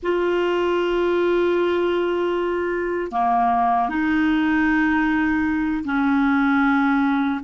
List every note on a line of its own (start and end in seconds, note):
0.02 3.11 F4
3.11 3.89 A#3
3.89 5.84 D#4
5.84 7.40 C#4